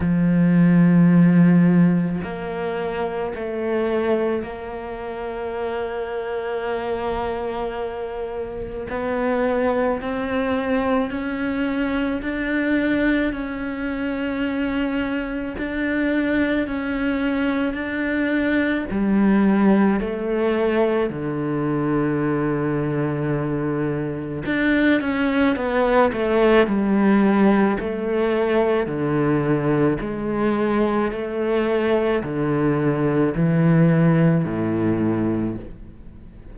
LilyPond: \new Staff \with { instrumentName = "cello" } { \time 4/4 \tempo 4 = 54 f2 ais4 a4 | ais1 | b4 c'4 cis'4 d'4 | cis'2 d'4 cis'4 |
d'4 g4 a4 d4~ | d2 d'8 cis'8 b8 a8 | g4 a4 d4 gis4 | a4 d4 e4 a,4 | }